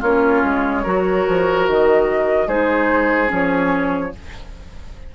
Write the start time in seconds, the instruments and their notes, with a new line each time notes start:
0.00 bassoon A#3, clarinet C#4, oboe F4, flute C#5
0.44 bassoon G#3
0.83 bassoon F#3, clarinet F#4, oboe A#4
1.28 bassoon F3
1.68 bassoon D#3, flute D#5
2.47 bassoon G#3, clarinet D#4, oboe G#4, flute C5
3.28 bassoon F3, clarinet C#4, flute C#5